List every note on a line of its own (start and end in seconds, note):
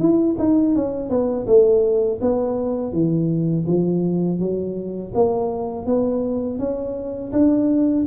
0.00 0.37 E4
0.39 0.75 D#4
0.75 1.10 C#4
1.10 1.46 B3
1.47 2.21 A3
2.22 2.93 B3
2.93 3.66 E3
3.67 4.40 F3
4.40 5.13 F#3
5.15 5.86 A#3
5.86 6.59 B3
6.59 7.32 C#4
7.33 8.06 D4